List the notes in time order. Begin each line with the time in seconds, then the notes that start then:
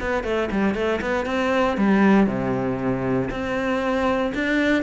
0.00 B3
0.23 A3
0.51 G3
0.74 A3
1.01 B3
1.25 C4
1.77 G3
2.27 C3
3.30 C4
4.34 D4